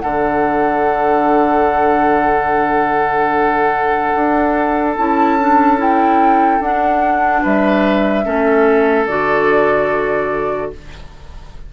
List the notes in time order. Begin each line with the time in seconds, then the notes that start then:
0.00 D3 D4 A4 F#5
4.15 D4
4.97 C#4 E4 A5
5.40 D4
5.78 E4 G5
6.60 D4 F#5
7.43 G3 B4 E5
8.24 A3 C#4 A4
9.07 D3 F#4 D5